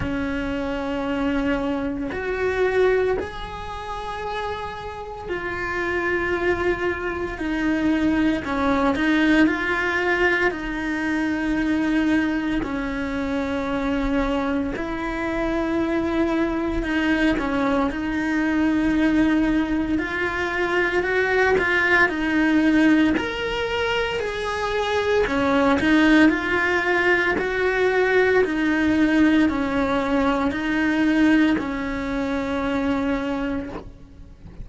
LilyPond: \new Staff \with { instrumentName = "cello" } { \time 4/4 \tempo 4 = 57 cis'2 fis'4 gis'4~ | gis'4 f'2 dis'4 | cis'8 dis'8 f'4 dis'2 | cis'2 e'2 |
dis'8 cis'8 dis'2 f'4 | fis'8 f'8 dis'4 ais'4 gis'4 | cis'8 dis'8 f'4 fis'4 dis'4 | cis'4 dis'4 cis'2 | }